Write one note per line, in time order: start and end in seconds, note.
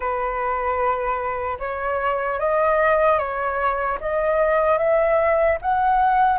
0.00 1.57 B4
1.59 2.39 C#5
2.39 3.18 D#5
3.18 3.98 C#5
4.00 4.77 D#5
4.77 5.57 E5
5.61 6.39 F#5